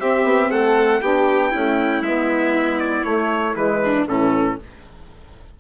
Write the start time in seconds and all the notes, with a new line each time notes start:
0.00 C4 G4 E5
0.24 B3
0.50 A3 A4 F#5
1.02 B3 D4 G4 G5
1.51 A3 C#4 E4
2.02 G#3 B3 E5
2.80 D5
3.04 A3 C#5
3.53 E3 G#3 B4
3.84 D4
4.08 A2 E3 C#4 A4